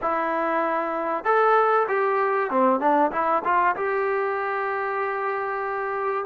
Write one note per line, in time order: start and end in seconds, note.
0.01 1.24 E4
1.24 1.86 A4
1.88 2.50 G4
2.50 2.80 C4
2.80 3.11 D4
3.11 3.42 E4
3.44 3.75 F4
3.76 6.25 G4